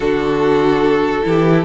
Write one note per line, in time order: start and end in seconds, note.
0.00 1.24 D3
0.00 1.23 D4
0.00 1.24 F#4
0.00 1.64 A4
1.23 1.64 E3
1.23 1.64 E4
1.23 1.64 G4